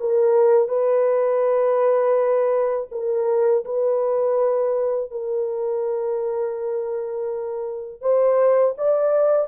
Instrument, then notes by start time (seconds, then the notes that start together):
horn
0.00 A#4
0.68 B4
2.91 A#4
3.65 B4
5.11 A#4
8.02 C5
8.78 D5